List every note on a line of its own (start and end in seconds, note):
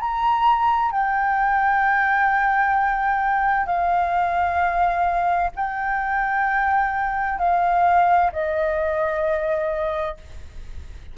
0.00 0.91 A#5
0.91 3.66 G5
3.66 5.50 F5
5.56 7.38 G5
7.38 8.30 F5
8.32 10.17 D#5